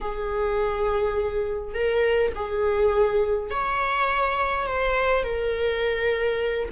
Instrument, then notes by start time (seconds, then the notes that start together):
viola
0.01 G#4
1.74 A#4
2.35 G#4
3.50 C#5
4.66 C5
5.23 A#4